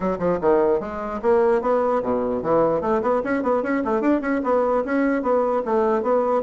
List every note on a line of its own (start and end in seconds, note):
0.00 0.18 F#3
0.18 0.38 F3
0.40 0.80 D#3
0.80 1.20 G#3
1.22 1.61 A#3
1.61 2.01 B3
2.02 2.42 B2
2.42 2.81 E3
2.81 3.01 A3
3.02 3.22 B3
3.24 3.42 C#4
3.42 3.63 B3
3.63 3.83 C#4
3.84 4.01 A3
4.01 4.21 D4
4.21 4.41 C#4
4.43 4.84 B3
4.84 5.22 C#4
5.22 5.62 B3
5.65 6.02 A3
6.02 6.42 B3